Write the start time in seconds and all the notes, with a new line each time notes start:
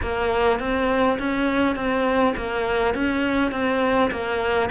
0.02 A#3
0.59 C4
1.18 C#4
1.75 C4
2.36 A#3
2.94 C#4
3.51 C4
4.10 A#3